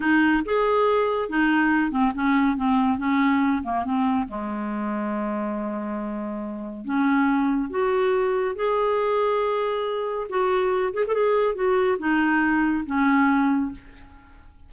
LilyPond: \new Staff \with { instrumentName = "clarinet" } { \time 4/4 \tempo 4 = 140 dis'4 gis'2 dis'4~ | dis'8 c'8 cis'4 c'4 cis'4~ | cis'8 ais8 c'4 gis2~ | gis1 |
cis'2 fis'2 | gis'1 | fis'4. gis'16 a'16 gis'4 fis'4 | dis'2 cis'2 | }